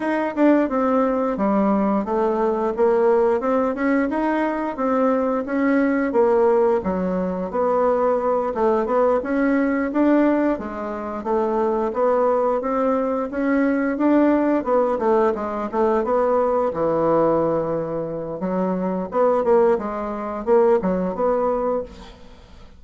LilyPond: \new Staff \with { instrumentName = "bassoon" } { \time 4/4 \tempo 4 = 88 dis'8 d'8 c'4 g4 a4 | ais4 c'8 cis'8 dis'4 c'4 | cis'4 ais4 fis4 b4~ | b8 a8 b8 cis'4 d'4 gis8~ |
gis8 a4 b4 c'4 cis'8~ | cis'8 d'4 b8 a8 gis8 a8 b8~ | b8 e2~ e8 fis4 | b8 ais8 gis4 ais8 fis8 b4 | }